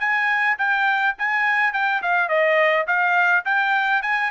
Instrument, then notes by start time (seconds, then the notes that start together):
trumpet
0.00 G#5
0.58 G5
1.19 G#5
1.73 G5
2.03 F5
2.29 D#5
2.87 F5
3.45 G5
4.03 G#5